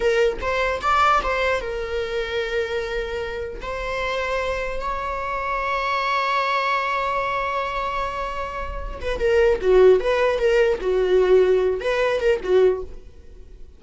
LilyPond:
\new Staff \with { instrumentName = "viola" } { \time 4/4 \tempo 4 = 150 ais'4 c''4 d''4 c''4 | ais'1~ | ais'4 c''2. | cis''1~ |
cis''1~ | cis''2~ cis''8 b'8 ais'4 | fis'4 b'4 ais'4 fis'4~ | fis'4. b'4 ais'8 fis'4 | }